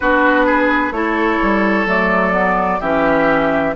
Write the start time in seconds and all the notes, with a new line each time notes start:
0.00 B3 D4 F#4 B4
0.46 G#4
0.91 A3 E4 A4 C#5
1.42 G3
1.86 F#3 A3 D5
2.32 B3
2.79 E3 C#4 G4 E5